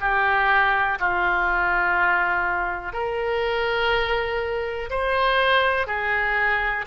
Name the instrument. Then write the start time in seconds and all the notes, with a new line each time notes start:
oboe
0.00 G4
0.99 F4
2.92 A#4
4.90 C5
5.86 G#4